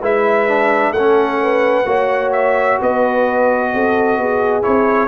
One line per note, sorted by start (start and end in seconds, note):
0.00 0.92 G#3
0.00 0.49 E4
0.00 0.92 B4
0.00 0.93 E5
0.49 0.95 D4
0.92 1.84 A3
0.92 1.39 A4
0.92 2.31 F#5
0.99 1.86 C#4
1.43 1.88 B4
1.86 2.78 A#3
1.86 4.62 F#4
1.86 2.80 C#5
2.32 2.79 E5
2.80 3.74 B3
2.80 3.73 B4
2.80 4.63 D#5
3.74 4.18 C4
3.74 4.20 A4
4.18 4.64 B3
4.18 5.08 G#4
4.62 5.08 C4
4.62 5.08 E4
4.62 5.08 C#5